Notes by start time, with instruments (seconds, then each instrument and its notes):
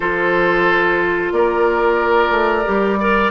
0.00 bassoon F3, clarinet F4, oboe A4, flute C5
1.31 bassoon A#3, oboe A#4, flute D5
2.30 bassoon A3
2.65 bassoon G3, clarinet G4
2.99 clarinet A#4, oboe D5